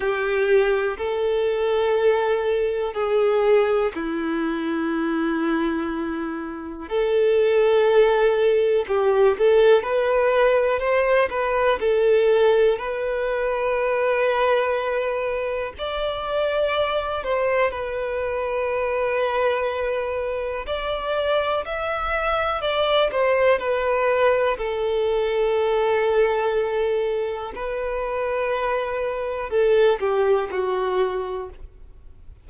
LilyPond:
\new Staff \with { instrumentName = "violin" } { \time 4/4 \tempo 4 = 61 g'4 a'2 gis'4 | e'2. a'4~ | a'4 g'8 a'8 b'4 c''8 b'8 | a'4 b'2. |
d''4. c''8 b'2~ | b'4 d''4 e''4 d''8 c''8 | b'4 a'2. | b'2 a'8 g'8 fis'4 | }